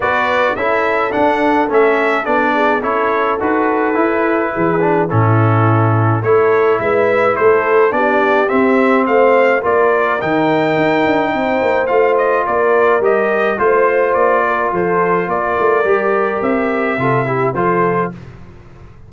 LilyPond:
<<
  \new Staff \with { instrumentName = "trumpet" } { \time 4/4 \tempo 4 = 106 d''4 e''4 fis''4 e''4 | d''4 cis''4 b'2~ | b'4 a'2 cis''4 | e''4 c''4 d''4 e''4 |
f''4 d''4 g''2~ | g''4 f''8 dis''8 d''4 dis''4 | c''4 d''4 c''4 d''4~ | d''4 e''2 c''4 | }
  \new Staff \with { instrumentName = "horn" } { \time 4/4 b'4 a'2.~ | a'8 gis'8 a'2. | gis'4 e'2 a'4 | b'4 a'4 g'2 |
c''4 ais'2. | c''2 ais'2 | c''4. ais'8 a'4 ais'4~ | ais'2 a'8 g'8 a'4 | }
  \new Staff \with { instrumentName = "trombone" } { \time 4/4 fis'4 e'4 d'4 cis'4 | d'4 e'4 fis'4 e'4~ | e'8 d'8 cis'2 e'4~ | e'2 d'4 c'4~ |
c'4 f'4 dis'2~ | dis'4 f'2 g'4 | f'1 | g'2 f'8 e'8 f'4 | }
  \new Staff \with { instrumentName = "tuba" } { \time 4/4 b4 cis'4 d'4 a4 | b4 cis'4 dis'4 e'4 | e4 a,2 a4 | gis4 a4 b4 c'4 |
a4 ais4 dis4 dis'8 d'8 | c'8 ais8 a4 ais4 g4 | a4 ais4 f4 ais8 a8 | g4 c'4 c4 f4 | }
>>